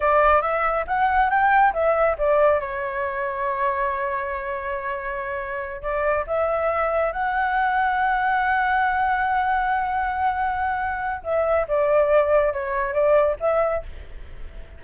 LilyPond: \new Staff \with { instrumentName = "flute" } { \time 4/4 \tempo 4 = 139 d''4 e''4 fis''4 g''4 | e''4 d''4 cis''2~ | cis''1~ | cis''4. d''4 e''4.~ |
e''8 fis''2.~ fis''8~ | fis''1~ | fis''2 e''4 d''4~ | d''4 cis''4 d''4 e''4 | }